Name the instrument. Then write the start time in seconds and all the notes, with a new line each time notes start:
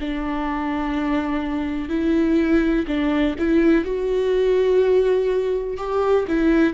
viola
0.00 D4
1.89 E4
2.88 D4
3.39 E4
3.84 F#4
5.78 G4
6.28 E4